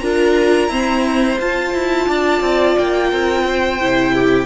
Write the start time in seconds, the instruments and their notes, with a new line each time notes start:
0.00 cello D4, viola F4, violin A#4 A#5
0.68 viola C4, cello E4, violin C5
1.39 viola F4, cello F4, violin A5
1.74 cello E4
2.07 cello D4, violin D5
2.41 cello C4
2.78 cello A#3, violin G5
3.09 cello C4, violin A#4
3.48 violin C5
3.81 cello C3, viola E4
4.14 violin G4